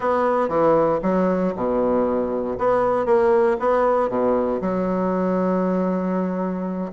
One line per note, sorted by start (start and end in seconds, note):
0.00 0.48 B3
0.48 0.99 E3
1.02 1.53 F#3
1.55 2.58 B2
2.58 3.05 B3
3.05 3.56 A#3
3.59 4.09 B3
4.09 4.60 B2
4.61 6.92 F#3